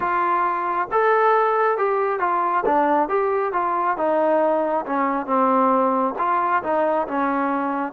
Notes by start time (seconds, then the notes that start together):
0.00 F4
0.91 A4
1.77 G4
2.19 F4
2.65 D4
3.08 G4
3.53 F4
3.97 D#4
4.86 C#4
5.26 C4
6.18 F4
6.63 D#4
7.07 C#4